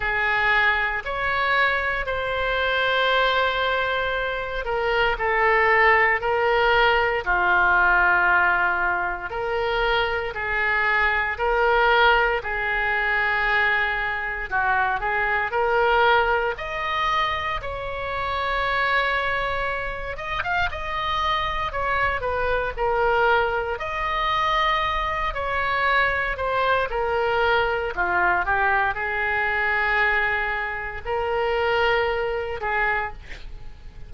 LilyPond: \new Staff \with { instrumentName = "oboe" } { \time 4/4 \tempo 4 = 58 gis'4 cis''4 c''2~ | c''8 ais'8 a'4 ais'4 f'4~ | f'4 ais'4 gis'4 ais'4 | gis'2 fis'8 gis'8 ais'4 |
dis''4 cis''2~ cis''8 dis''16 f''16 | dis''4 cis''8 b'8 ais'4 dis''4~ | dis''8 cis''4 c''8 ais'4 f'8 g'8 | gis'2 ais'4. gis'8 | }